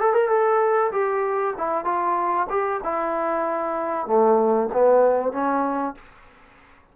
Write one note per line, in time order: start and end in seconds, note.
0.00 0.14 A4
0.14 0.29 A#4
0.29 0.91 A4
0.92 1.55 G4
1.58 1.85 E4
1.85 2.47 F4
2.50 2.81 G4
2.84 4.07 E4
4.07 4.70 A3
4.73 5.32 B3
5.32 5.95 C#4